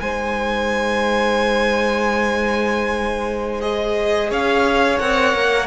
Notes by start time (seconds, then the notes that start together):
0.00 G#3 D#4 C5 G#5
3.61 G#4 D#5
4.30 C#4 C#5 F5
4.99 C4 A#4 F#5
5.35 A#3